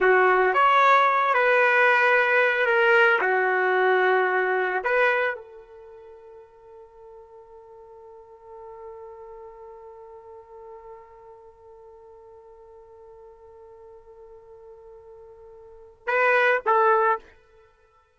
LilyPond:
\new Staff \with { instrumentName = "trumpet" } { \time 4/4 \tempo 4 = 112 fis'4 cis''4. b'4.~ | b'4 ais'4 fis'2~ | fis'4 b'4 a'2~ | a'1~ |
a'1~ | a'1~ | a'1~ | a'2 b'4 a'4 | }